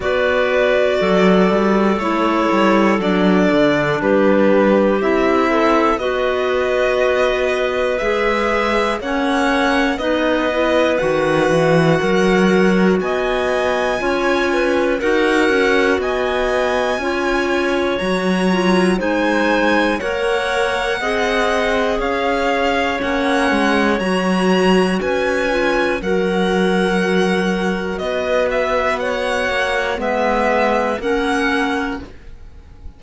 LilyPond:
<<
  \new Staff \with { instrumentName = "violin" } { \time 4/4 \tempo 4 = 60 d''2 cis''4 d''4 | b'4 e''4 dis''2 | e''4 fis''4 dis''4 fis''4~ | fis''4 gis''2 fis''4 |
gis''2 ais''4 gis''4 | fis''2 f''4 fis''4 | ais''4 gis''4 fis''2 | dis''8 e''8 fis''4 e''4 fis''4 | }
  \new Staff \with { instrumentName = "clarinet" } { \time 4/4 b'4 a'2. | g'4. a'8 b'2~ | b'4 cis''4 b'2 | ais'4 dis''4 cis''8 b'8 ais'4 |
dis''4 cis''2 c''4 | cis''4 dis''4 cis''2~ | cis''4 b'4 ais'2 | b'4 cis''4 b'4 ais'4 | }
  \new Staff \with { instrumentName = "clarinet" } { \time 4/4 fis'2 e'4 d'4~ | d'4 e'4 fis'2 | gis'4 cis'4 dis'8 e'8 fis'4~ | fis'2 f'4 fis'4~ |
fis'4 f'4 fis'8 f'8 dis'4 | ais'4 gis'2 cis'4 | fis'4. f'8 fis'2~ | fis'2 b4 cis'4 | }
  \new Staff \with { instrumentName = "cello" } { \time 4/4 b4 fis8 g8 a8 g8 fis8 d8 | g4 c'4 b2 | gis4 ais4 b4 dis8 e8 | fis4 b4 cis'4 dis'8 cis'8 |
b4 cis'4 fis4 gis4 | ais4 c'4 cis'4 ais8 gis8 | fis4 cis'4 fis2 | b4. ais8 gis4 ais4 | }
>>